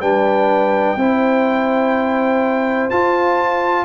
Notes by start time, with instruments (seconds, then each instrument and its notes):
0.00 tuba G3, trombone D4, horn B4, trumpet G5
0.96 tuba C4, trombone E4, horn C5
2.90 trombone F4, tuba F4, trumpet A5